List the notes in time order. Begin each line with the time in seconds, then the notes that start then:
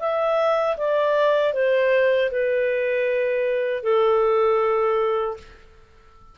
0.00 E5
0.77 D5
1.54 C5
2.31 B4
3.84 A4